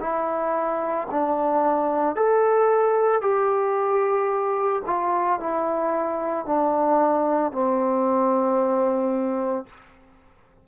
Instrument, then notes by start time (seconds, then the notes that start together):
trombone
0.00 E4
1.11 D4
2.16 A4
3.21 G4
4.86 F4
5.40 E4
6.46 D4
7.51 C4